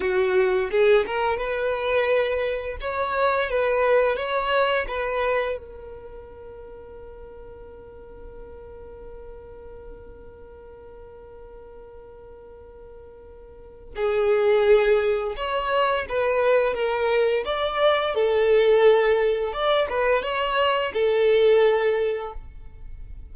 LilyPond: \new Staff \with { instrumentName = "violin" } { \time 4/4 \tempo 4 = 86 fis'4 gis'8 ais'8 b'2 | cis''4 b'4 cis''4 b'4 | ais'1~ | ais'1~ |
ais'1 | gis'2 cis''4 b'4 | ais'4 d''4 a'2 | d''8 b'8 cis''4 a'2 | }